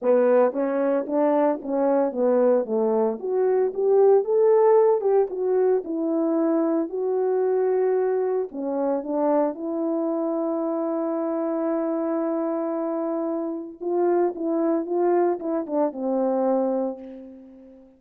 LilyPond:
\new Staff \with { instrumentName = "horn" } { \time 4/4 \tempo 4 = 113 b4 cis'4 d'4 cis'4 | b4 a4 fis'4 g'4 | a'4. g'8 fis'4 e'4~ | e'4 fis'2. |
cis'4 d'4 e'2~ | e'1~ | e'2 f'4 e'4 | f'4 e'8 d'8 c'2 | }